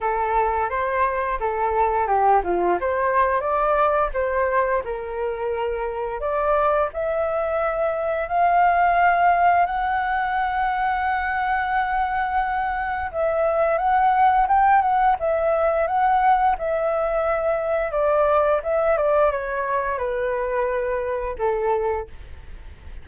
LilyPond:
\new Staff \with { instrumentName = "flute" } { \time 4/4 \tempo 4 = 87 a'4 c''4 a'4 g'8 f'8 | c''4 d''4 c''4 ais'4~ | ais'4 d''4 e''2 | f''2 fis''2~ |
fis''2. e''4 | fis''4 g''8 fis''8 e''4 fis''4 | e''2 d''4 e''8 d''8 | cis''4 b'2 a'4 | }